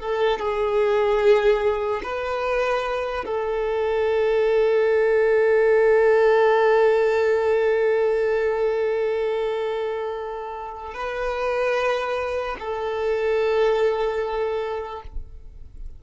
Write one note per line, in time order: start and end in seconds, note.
0.00 0.39 A4
0.39 2.02 G#4
2.03 3.25 B4
3.25 10.94 A4
10.94 12.56 B4
12.59 15.03 A4